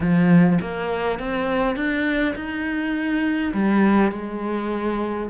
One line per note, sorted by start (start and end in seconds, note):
0.00 0.59 F3
0.61 1.19 A#3
1.19 1.76 C4
1.76 2.34 D4
2.35 3.53 D#4
3.53 4.11 G3
4.11 5.29 G#3